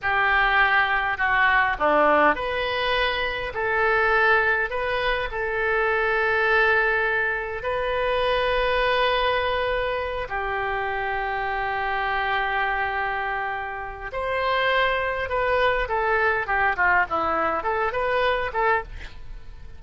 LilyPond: \new Staff \with { instrumentName = "oboe" } { \time 4/4 \tempo 4 = 102 g'2 fis'4 d'4 | b'2 a'2 | b'4 a'2.~ | a'4 b'2.~ |
b'4. g'2~ g'8~ | g'1 | c''2 b'4 a'4 | g'8 f'8 e'4 a'8 b'4 a'8 | }